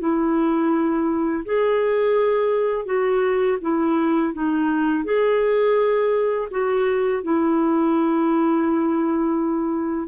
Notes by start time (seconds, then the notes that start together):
0.00 E4
1.46 G#4
2.86 F#4
3.61 E4
4.34 D#4
5.05 G#4
6.51 F#4
7.24 E4